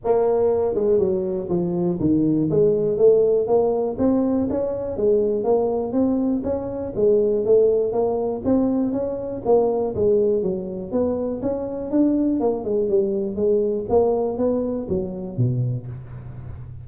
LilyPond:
\new Staff \with { instrumentName = "tuba" } { \time 4/4 \tempo 4 = 121 ais4. gis8 fis4 f4 | dis4 gis4 a4 ais4 | c'4 cis'4 gis4 ais4 | c'4 cis'4 gis4 a4 |
ais4 c'4 cis'4 ais4 | gis4 fis4 b4 cis'4 | d'4 ais8 gis8 g4 gis4 | ais4 b4 fis4 b,4 | }